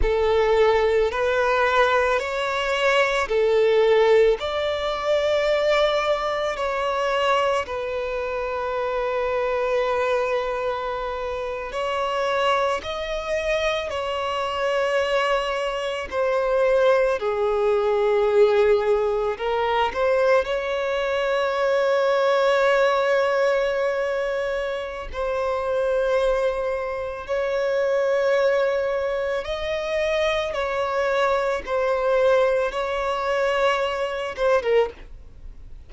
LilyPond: \new Staff \with { instrumentName = "violin" } { \time 4/4 \tempo 4 = 55 a'4 b'4 cis''4 a'4 | d''2 cis''4 b'4~ | b'2~ b'8. cis''4 dis''16~ | dis''8. cis''2 c''4 gis'16~ |
gis'4.~ gis'16 ais'8 c''8 cis''4~ cis''16~ | cis''2. c''4~ | c''4 cis''2 dis''4 | cis''4 c''4 cis''4. c''16 ais'16 | }